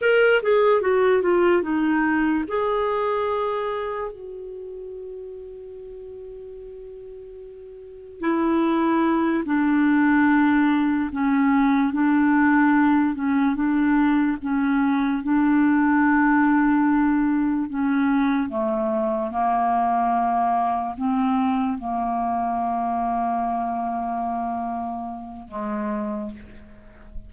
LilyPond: \new Staff \with { instrumentName = "clarinet" } { \time 4/4 \tempo 4 = 73 ais'8 gis'8 fis'8 f'8 dis'4 gis'4~ | gis'4 fis'2.~ | fis'2 e'4. d'8~ | d'4. cis'4 d'4. |
cis'8 d'4 cis'4 d'4.~ | d'4. cis'4 a4 ais8~ | ais4. c'4 ais4.~ | ais2. gis4 | }